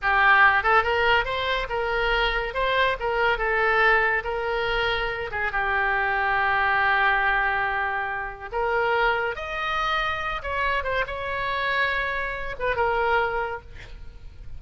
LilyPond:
\new Staff \with { instrumentName = "oboe" } { \time 4/4 \tempo 4 = 141 g'4. a'8 ais'4 c''4 | ais'2 c''4 ais'4 | a'2 ais'2~ | ais'8 gis'8 g'2.~ |
g'1 | ais'2 dis''2~ | dis''8 cis''4 c''8 cis''2~ | cis''4. b'8 ais'2 | }